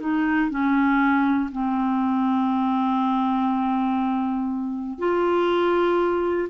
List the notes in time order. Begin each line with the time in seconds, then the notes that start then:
0.00 D#4
0.50 C#4
1.52 C4
4.98 F4